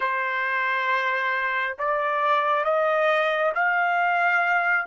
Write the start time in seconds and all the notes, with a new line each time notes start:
0.00 C5
1.78 D5
2.64 D#5
3.55 F5